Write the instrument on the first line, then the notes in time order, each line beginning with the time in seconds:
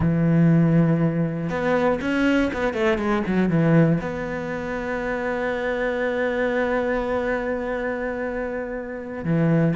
cello
0.00 E3
1.49 B3
2.01 C#4
2.52 B3
2.73 A3
2.97 G#3
3.26 F#3
3.49 E3
4.00 B3
9.24 E3